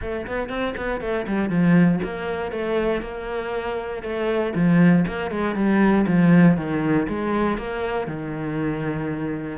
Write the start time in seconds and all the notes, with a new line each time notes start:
0.01 A3
0.26 B3
0.49 C4
0.77 B3
1.00 A3
1.27 G3
1.49 F3
2.03 A#3
2.51 A3
3.01 A#3
4.02 A3
4.54 F3
5.07 A#3
5.31 G#3
5.55 G3
6.06 F3
6.57 D#3
7.08 G#3
7.57 A#3
8.07 D#3